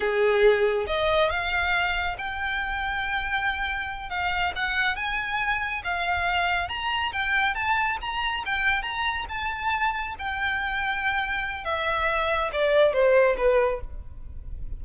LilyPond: \new Staff \with { instrumentName = "violin" } { \time 4/4 \tempo 4 = 139 gis'2 dis''4 f''4~ | f''4 g''2.~ | g''4. f''4 fis''4 gis''8~ | gis''4. f''2 ais''8~ |
ais''8 g''4 a''4 ais''4 g''8~ | g''8 ais''4 a''2 g''8~ | g''2. e''4~ | e''4 d''4 c''4 b'4 | }